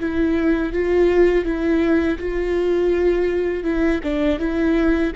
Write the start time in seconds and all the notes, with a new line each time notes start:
0.00 E4
0.73 F4
1.45 E4
2.19 F4
3.64 E4
4.03 D4
4.40 E4